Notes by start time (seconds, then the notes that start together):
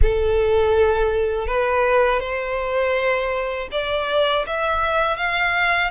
0.02 A4
1.47 B4
2.20 C5
3.71 D5
4.46 E5
5.16 F5